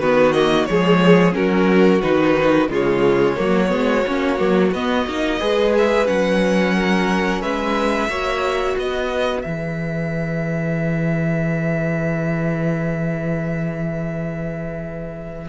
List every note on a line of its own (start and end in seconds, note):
0.00 0.68 D#3
0.00 0.35 B3
0.00 0.68 F#4
0.00 0.33 B4
0.33 0.68 A#3
0.33 0.66 D#5
0.66 1.34 F3
0.66 1.33 G#3
0.66 1.37 G#4
0.66 1.33 C#5
1.33 2.01 F#3
1.33 2.00 C#4
1.33 2.70 F#4
1.33 2.02 A#4
2.02 2.68 D#3
2.02 2.69 D#4
2.02 2.69 B4
2.68 3.36 C#3
2.68 3.37 G#3
2.68 3.37 F4
2.68 4.73 C#5
3.37 3.72 F#3
3.37 3.69 A#3
3.37 5.40 F#4
3.69 4.05 G#3
3.69 4.02 B3
4.07 4.40 A#3
4.07 4.38 C#4
4.38 4.72 F#3
4.38 4.72 A#3
4.72 5.06 B3
4.72 5.09 B3
4.72 5.74 D#5
5.07 5.41 A#3
5.07 5.39 D#4
5.39 6.08 G#3
5.39 6.06 G#4
5.39 6.75 B4
5.78 6.07 E5
6.06 7.43 F#3
6.06 8.08 C#4
6.06 7.42 F#5
6.75 7.42 A#4
7.42 8.08 G#3
7.42 8.09 B4
7.42 8.77 E5
8.08 8.76 A#3
8.08 9.45 F#4
8.08 8.76 C#5
8.76 9.45 B3
8.76 15.49 B4
8.76 9.42 D#5
9.42 15.49 E3
9.42 15.49 G#4
9.42 15.49 E5